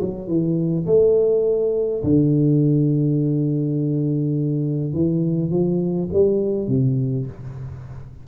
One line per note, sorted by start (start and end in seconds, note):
0.00 0.28 F#3
0.28 0.86 E3
0.86 2.03 A3
2.03 4.93 D3
4.93 5.51 E3
5.51 6.09 F3
6.13 6.68 G3
6.68 7.26 C3